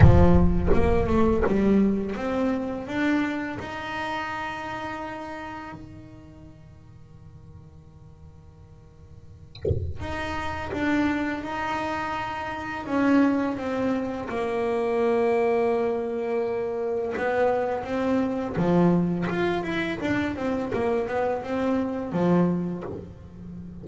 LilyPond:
\new Staff \with { instrumentName = "double bass" } { \time 4/4 \tempo 4 = 84 f4 ais8 a8 g4 c'4 | d'4 dis'2. | dis1~ | dis2 dis'4 d'4 |
dis'2 cis'4 c'4 | ais1 | b4 c'4 f4 f'8 e'8 | d'8 c'8 ais8 b8 c'4 f4 | }